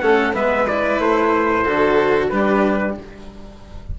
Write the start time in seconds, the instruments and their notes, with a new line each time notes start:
0.00 bassoon A3, cello C#4, violin A4, trumpet F#5
0.34 bassoon G#3, cello B3, violin B4, trumpet E5
0.68 cello E4, trumpet D5
0.99 bassoon A3, trumpet C5
1.64 bassoon D3, cello F#4, violin A4
2.30 bassoon G3, cello D4, violin G4, trumpet B4